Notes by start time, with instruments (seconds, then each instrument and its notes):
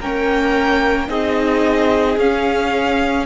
0.00 cello A#3, viola C#4, violin A#4 G5
1.08 cello C4, viola D#4, violin G#4 D#5
2.17 cello C#4, viola C#4, violin F5